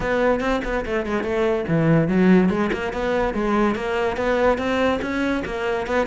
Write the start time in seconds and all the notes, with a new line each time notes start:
0.00 B3
0.40 C4
0.64 B3
0.85 A3
1.05 G#3
1.23 A3
1.68 E3
2.08 F#3
2.49 G#3
2.72 A#3
2.92 B3
3.34 G#3
3.75 A#3
4.16 B3
4.58 C4
5.01 C#4
5.45 A#3
5.87 B3